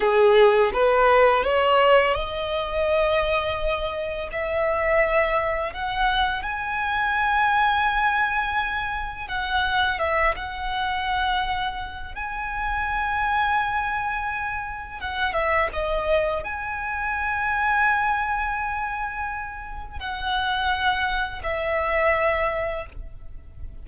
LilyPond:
\new Staff \with { instrumentName = "violin" } { \time 4/4 \tempo 4 = 84 gis'4 b'4 cis''4 dis''4~ | dis''2 e''2 | fis''4 gis''2.~ | gis''4 fis''4 e''8 fis''4.~ |
fis''4 gis''2.~ | gis''4 fis''8 e''8 dis''4 gis''4~ | gis''1 | fis''2 e''2 | }